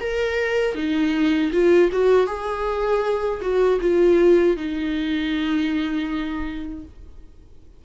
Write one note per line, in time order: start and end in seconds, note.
0.00 0.75 A#4
0.75 1.51 D#4
1.52 1.90 F4
1.92 2.26 F#4
2.26 3.40 G#4
3.41 3.79 F#4
3.81 4.56 F4
4.56 6.84 D#4